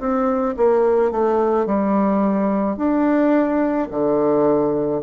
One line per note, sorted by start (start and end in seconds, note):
0.00 0.56 C4
0.57 1.12 A#3
1.12 1.67 A3
1.67 2.77 G3
2.77 3.88 D4
3.91 5.02 D3